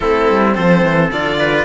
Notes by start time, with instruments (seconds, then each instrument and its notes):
0.00 cello A3 C4, trumpet E4, violin A4
0.29 cello G3
0.54 cello F3, trumpet A4, violin C5
0.82 cello E3
1.11 cello D3 F4, violin D5
1.39 trumpet B4